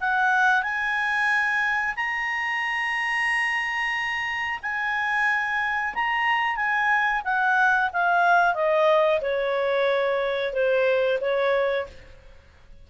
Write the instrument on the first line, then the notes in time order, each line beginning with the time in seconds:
clarinet
0.00 F#5
0.63 G#5
1.96 A#5
4.62 G#5
5.94 A#5
6.56 G#5
7.24 F#5
7.92 F5
8.54 D#5
9.21 C#5
10.53 C5
11.21 C#5